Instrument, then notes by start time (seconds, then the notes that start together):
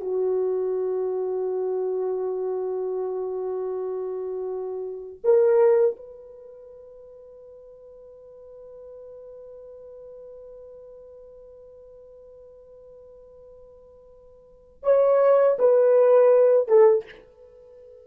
horn
0.00 F#4
5.24 A#4
5.96 B4
14.82 C#5
15.59 B4
16.67 A4